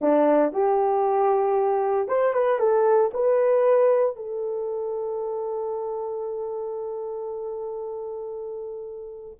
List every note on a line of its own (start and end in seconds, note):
0.01 0.52 D4
0.52 2.08 G4
2.08 2.33 C5
2.33 2.59 B4
2.59 3.11 A4
3.13 4.15 B4
4.15 9.37 A4